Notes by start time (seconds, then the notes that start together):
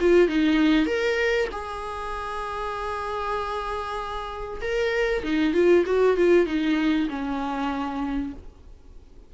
0.00 F4
0.28 D#4
0.86 A#4
1.52 G#4
4.61 A#4
5.23 D#4
5.54 F4
5.86 F#4
6.17 F4
6.46 D#4
7.09 C#4